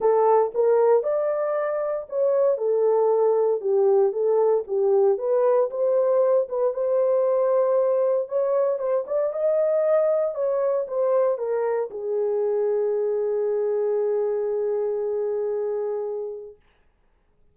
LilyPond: \new Staff \with { instrumentName = "horn" } { \time 4/4 \tempo 4 = 116 a'4 ais'4 d''2 | cis''4 a'2 g'4 | a'4 g'4 b'4 c''4~ | c''8 b'8 c''2. |
cis''4 c''8 d''8 dis''2 | cis''4 c''4 ais'4 gis'4~ | gis'1~ | gis'1 | }